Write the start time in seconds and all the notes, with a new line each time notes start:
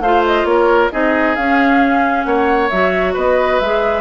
0.00 A3 F4 C5 F5
0.26 D#5
0.44 A#3 A#4 C#5
0.92 C4 D#4 G#4 D#5
1.36 C#4 F5
2.24 A#3 C#5 F#5
2.69 F#3 F#4 E5
3.14 B3 B4 D#5
3.60 G#3 G#4 E5